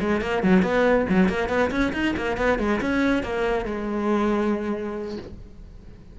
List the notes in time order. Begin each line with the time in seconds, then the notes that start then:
0.00 G#3
0.21 A#3
0.43 F#3
0.62 B3
1.09 F#3
1.29 A#3
1.49 B3
1.71 C#4
1.93 D#4
2.17 A#3
2.37 B3
2.59 G#3
2.81 C#4
3.23 A#3
3.65 G#3